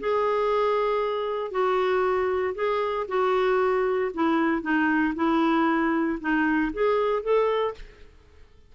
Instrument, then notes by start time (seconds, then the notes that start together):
clarinet
0.00 G#4
1.51 F#4
2.55 G#4
3.08 F#4
4.14 E4
4.62 D#4
5.15 E4
6.20 D#4
6.74 G#4
7.23 A4